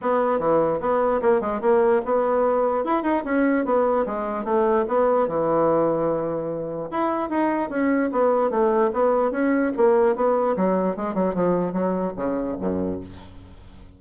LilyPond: \new Staff \with { instrumentName = "bassoon" } { \time 4/4 \tempo 4 = 148 b4 e4 b4 ais8 gis8 | ais4 b2 e'8 dis'8 | cis'4 b4 gis4 a4 | b4 e2.~ |
e4 e'4 dis'4 cis'4 | b4 a4 b4 cis'4 | ais4 b4 fis4 gis8 fis8 | f4 fis4 cis4 fis,4 | }